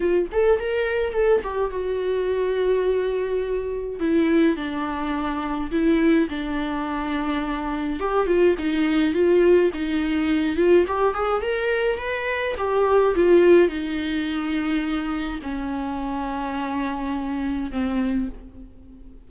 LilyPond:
\new Staff \with { instrumentName = "viola" } { \time 4/4 \tempo 4 = 105 f'8 a'8 ais'4 a'8 g'8 fis'4~ | fis'2. e'4 | d'2 e'4 d'4~ | d'2 g'8 f'8 dis'4 |
f'4 dis'4. f'8 g'8 gis'8 | ais'4 b'4 g'4 f'4 | dis'2. cis'4~ | cis'2. c'4 | }